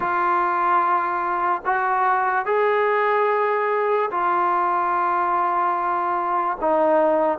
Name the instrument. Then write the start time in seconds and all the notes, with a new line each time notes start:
trombone
0.00 F4
1.65 F#4
2.45 G#4
4.11 F4
6.61 D#4